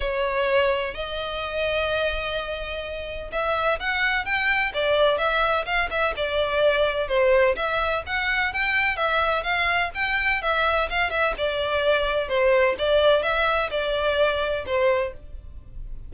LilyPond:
\new Staff \with { instrumentName = "violin" } { \time 4/4 \tempo 4 = 127 cis''2 dis''2~ | dis''2. e''4 | fis''4 g''4 d''4 e''4 | f''8 e''8 d''2 c''4 |
e''4 fis''4 g''4 e''4 | f''4 g''4 e''4 f''8 e''8 | d''2 c''4 d''4 | e''4 d''2 c''4 | }